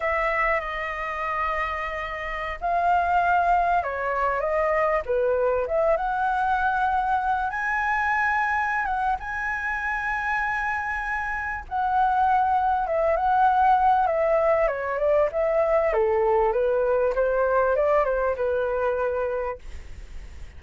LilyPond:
\new Staff \with { instrumentName = "flute" } { \time 4/4 \tempo 4 = 98 e''4 dis''2.~ | dis''16 f''2 cis''4 dis''8.~ | dis''16 b'4 e''8 fis''2~ fis''16~ | fis''16 gis''2~ gis''16 fis''8 gis''4~ |
gis''2. fis''4~ | fis''4 e''8 fis''4. e''4 | cis''8 d''8 e''4 a'4 b'4 | c''4 d''8 c''8 b'2 | }